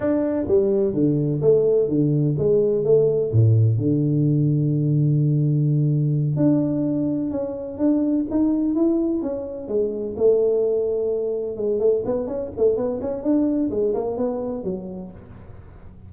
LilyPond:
\new Staff \with { instrumentName = "tuba" } { \time 4/4 \tempo 4 = 127 d'4 g4 d4 a4 | d4 gis4 a4 a,4 | d1~ | d4. d'2 cis'8~ |
cis'8 d'4 dis'4 e'4 cis'8~ | cis'8 gis4 a2~ a8~ | a8 gis8 a8 b8 cis'8 a8 b8 cis'8 | d'4 gis8 ais8 b4 fis4 | }